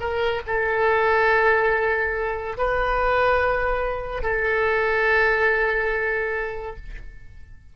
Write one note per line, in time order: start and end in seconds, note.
0.00 0.42 A#4
0.47 2.58 A4
2.58 4.23 B4
4.23 6.76 A4